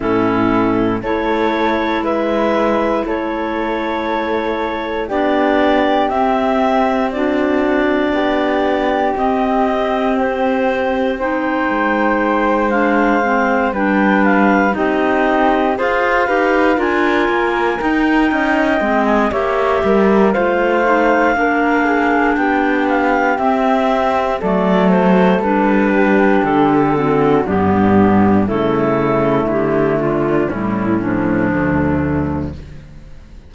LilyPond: <<
  \new Staff \with { instrumentName = "clarinet" } { \time 4/4 \tempo 4 = 59 a'4 cis''4 e''4 cis''4~ | cis''4 d''4 e''4 d''4~ | d''4 dis''4 c''4 g''4~ | g''8 f''4 g''8 f''8 dis''4 f''8~ |
f''8 gis''4 g''4~ g''16 gis''16 e''4 | f''2 g''8 f''8 e''4 | d''8 c''8 b'4 a'4 g'4 | a'4 g'8 f'8 e'8 d'4. | }
  \new Staff \with { instrumentName = "flute" } { \time 4/4 e'4 a'4 b'4 a'4~ | a'4 g'2 fis'4 | g'2. c''4~ | c''4. b'4 g'4 c''8 |
b'8 ais'4. dis''4 cis''8 ais'8 | c''4 ais'8 gis'8 g'2 | a'4. g'4 fis'8 d'4 | e'4. d'8 cis'4 a4 | }
  \new Staff \with { instrumentName = "clarinet" } { \time 4/4 cis'4 e'2.~ | e'4 d'4 c'4 d'4~ | d'4 c'2 dis'4~ | dis'8 d'8 c'8 d'4 dis'4 gis'8 |
g'8 f'4 dis'4 c'8 g'4 | f'8 dis'8 d'2 c'4 | a4 d'4. c'8 b4 | a2 g8 f4. | }
  \new Staff \with { instrumentName = "cello" } { \time 4/4 a,4 a4 gis4 a4~ | a4 b4 c'2 | b4 c'2~ c'8 gis8~ | gis4. g4 c'4 f'8 |
dis'8 d'8 ais8 dis'8 cis'8 gis8 ais8 g8 | a4 ais4 b4 c'4 | fis4 g4 d4 g,4 | cis4 d4 a,4 d,4 | }
>>